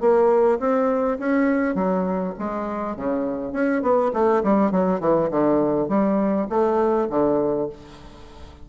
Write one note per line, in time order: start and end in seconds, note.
0.00 0.59 A#3
0.60 1.18 C4
1.19 1.75 C#4
1.75 2.34 F#3
2.39 2.96 G#3
2.96 3.53 C#3
3.53 3.82 C#4
3.82 4.11 B3
4.14 4.43 A3
4.44 4.72 G3
4.72 5.00 F#3
5.00 5.29 E3
5.31 5.89 D3
5.89 6.48 G3
6.50 7.09 A3
7.10 7.69 D3